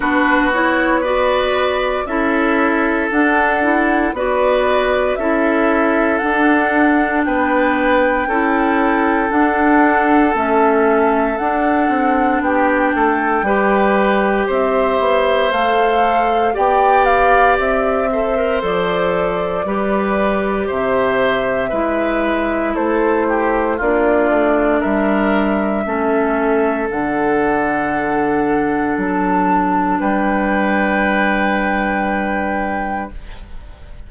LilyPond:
<<
  \new Staff \with { instrumentName = "flute" } { \time 4/4 \tempo 4 = 58 b'8 cis''8 d''4 e''4 fis''4 | d''4 e''4 fis''4 g''4~ | g''4 fis''4 e''4 fis''4 | g''2 e''4 f''4 |
g''8 f''8 e''4 d''2 | e''2 c''4 d''4 | e''2 fis''2 | a''4 g''2. | }
  \new Staff \with { instrumentName = "oboe" } { \time 4/4 fis'4 b'4 a'2 | b'4 a'2 b'4 | a'1 | g'8 a'8 b'4 c''2 |
d''4. c''4. b'4 | c''4 b'4 a'8 g'8 f'4 | ais'4 a'2.~ | a'4 b'2. | }
  \new Staff \with { instrumentName = "clarinet" } { \time 4/4 d'8 e'8 fis'4 e'4 d'8 e'8 | fis'4 e'4 d'2 | e'4 d'4 cis'4 d'4~ | d'4 g'2 a'4 |
g'4. a'16 ais'16 a'4 g'4~ | g'4 e'2 d'4~ | d'4 cis'4 d'2~ | d'1 | }
  \new Staff \with { instrumentName = "bassoon" } { \time 4/4 b2 cis'4 d'4 | b4 cis'4 d'4 b4 | cis'4 d'4 a4 d'8 c'8 | b8 a8 g4 c'8 b8 a4 |
b4 c'4 f4 g4 | c4 gis4 a4 ais8 a8 | g4 a4 d2 | fis4 g2. | }
>>